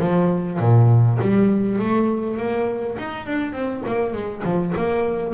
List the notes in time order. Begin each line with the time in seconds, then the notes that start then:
0.00 F3
0.59 A#2
1.22 G3
1.79 A3
2.37 A#3
2.99 D#4
3.26 D4
3.53 C4
3.86 A#3
4.13 G#3
4.44 F3
4.77 A#3